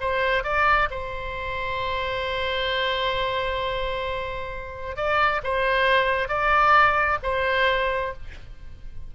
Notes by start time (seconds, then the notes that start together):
0.00 C5
0.43 D5
0.90 C5
4.96 D5
5.43 C5
6.28 D5
7.23 C5